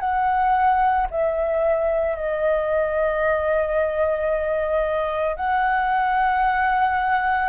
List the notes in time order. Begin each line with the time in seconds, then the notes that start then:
0.00 F#5
1.11 E5
2.16 D#5
5.37 F#5